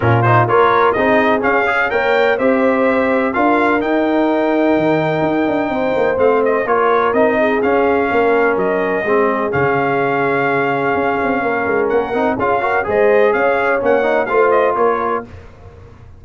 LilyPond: <<
  \new Staff \with { instrumentName = "trumpet" } { \time 4/4 \tempo 4 = 126 ais'8 c''8 cis''4 dis''4 f''4 | g''4 e''2 f''4 | g''1~ | g''4 f''8 dis''8 cis''4 dis''4 |
f''2 dis''2 | f''1~ | f''4 fis''4 f''4 dis''4 | f''4 fis''4 f''8 dis''8 cis''4 | }
  \new Staff \with { instrumentName = "horn" } { \time 4/4 f'4 ais'4 gis'2 | cis''4 c''2 ais'4~ | ais'1 | c''2 ais'4. gis'8~ |
gis'4 ais'2 gis'4~ | gis'1 | ais'2 gis'8 ais'8 c''4 | cis''2 c''4 ais'4 | }
  \new Staff \with { instrumentName = "trombone" } { \time 4/4 cis'8 dis'8 f'4 dis'4 cis'8 gis'8 | ais'4 g'2 f'4 | dis'1~ | dis'4 c'4 f'4 dis'4 |
cis'2. c'4 | cis'1~ | cis'4. dis'8 f'8 fis'8 gis'4~ | gis'4 cis'8 dis'8 f'2 | }
  \new Staff \with { instrumentName = "tuba" } { \time 4/4 ais,4 ais4 c'4 cis'4 | ais4 c'2 d'4 | dis'2 dis4 dis'8 d'8 | c'8 ais8 a4 ais4 c'4 |
cis'4 ais4 fis4 gis4 | cis2. cis'8 c'8 | ais8 gis8 ais8 c'8 cis'4 gis4 | cis'4 ais4 a4 ais4 | }
>>